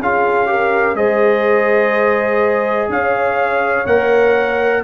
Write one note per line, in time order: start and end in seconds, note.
0.00 0.95 C#4
0.00 0.47 F4
0.00 0.50 G#4
0.00 0.96 F5
0.47 0.95 G4
0.47 0.97 A#4
0.95 2.89 G#3
0.95 3.86 G#4
0.95 2.91 C5
0.95 2.90 D#5
2.89 3.86 C#4
2.89 4.84 C#5
2.89 3.87 F5
3.86 4.83 A#3
3.86 4.84 A#4
3.86 4.83 F#5